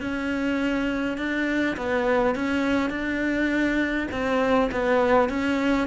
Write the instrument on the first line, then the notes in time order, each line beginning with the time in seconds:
cello
0.00 C#4
1.17 D4
1.76 B3
2.35 C#4
2.90 D4
4.11 C4
4.71 B3
5.29 C#4